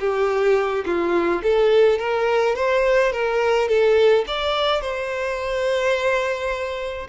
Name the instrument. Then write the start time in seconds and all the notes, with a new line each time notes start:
violin
0.00 G4
0.85 F4
1.43 A4
1.99 A#4
2.56 C5
3.12 A#4
3.68 A4
4.27 D5
4.81 C5